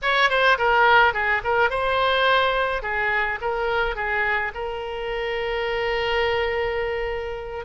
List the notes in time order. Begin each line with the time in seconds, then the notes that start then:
0.02 C#5
0.29 C5
0.58 A#4
1.13 G#4
1.44 A#4
1.70 C5
2.82 G#4
3.41 A#4
3.95 G#4
4.54 A#4